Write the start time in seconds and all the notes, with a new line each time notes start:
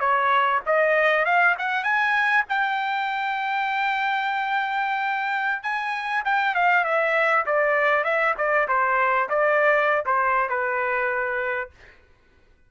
0.00 C#5
0.66 D#5
1.25 F5
1.58 F#5
1.83 G#5
2.49 G5
5.63 G#5
6.25 G5
6.55 F5
6.84 E5
7.46 D5
8.04 E5
8.37 D5
8.68 C5
9.29 D5
10.06 C5
10.49 B4